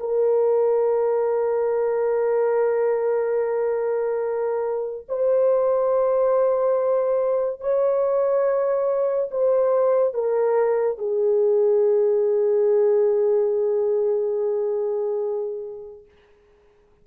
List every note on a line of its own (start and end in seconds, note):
0.00 5.07 A#4
5.09 7.61 C5
7.61 9.30 C#5
9.31 10.14 C5
10.14 10.99 A#4
10.99 16.06 G#4